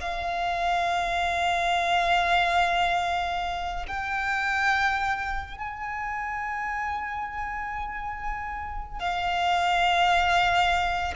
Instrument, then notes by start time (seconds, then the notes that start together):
violin
0.00 F5
3.87 G5
5.57 G#5
8.99 F5